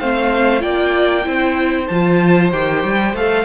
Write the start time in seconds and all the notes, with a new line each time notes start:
0.00 A3 C4 C5 F5
0.60 A#3 F4 D5 G5
1.24 C4 E4 C5
1.87 F3 F4 A5
2.51 D#3 G4 G5
2.84 G3
3.13 A3 A4 F5